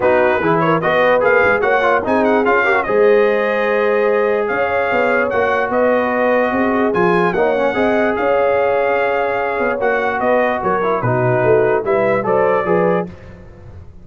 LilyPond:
<<
  \new Staff \with { instrumentName = "trumpet" } { \time 4/4 \tempo 4 = 147 b'4. cis''8 dis''4 f''4 | fis''4 gis''8 fis''8 f''4 dis''4~ | dis''2. f''4~ | f''4 fis''4 dis''2~ |
dis''4 gis''4 fis''2 | f''1 | fis''4 dis''4 cis''4 b'4~ | b'4 e''4 d''2 | }
  \new Staff \with { instrumentName = "horn" } { \time 4/4 fis'4 gis'8 ais'8 b'2 | cis''4 gis'4. ais'8 c''4~ | c''2. cis''4~ | cis''2 b'2 |
gis'2 cis''4 dis''4 | cis''1~ | cis''4 b'4 ais'4 fis'4~ | fis'4 b'4 c''4 b'4 | }
  \new Staff \with { instrumentName = "trombone" } { \time 4/4 dis'4 e'4 fis'4 gis'4 | fis'8 f'8 dis'4 f'8 g'16 fis'16 gis'4~ | gis'1~ | gis'4 fis'2.~ |
fis'4 f'4 dis'8 cis'8 gis'4~ | gis'1 | fis'2~ fis'8 e'8 dis'4~ | dis'4 e'4 a'4 gis'4 | }
  \new Staff \with { instrumentName = "tuba" } { \time 4/4 b4 e4 b4 ais8 gis8 | ais4 c'4 cis'4 gis4~ | gis2. cis'4 | b4 ais4 b2 |
c'4 f4 ais4 c'4 | cis'2.~ cis'8 b8 | ais4 b4 fis4 b,4 | a4 g4 fis4 f4 | }
>>